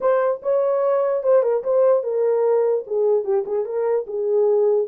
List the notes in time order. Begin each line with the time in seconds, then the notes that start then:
0.00 C5
0.42 C#5
1.23 C5
1.42 A#4
1.63 C5
2.03 A#4
2.87 G#4
3.24 G4
3.46 G#4
3.65 A#4
4.07 G#4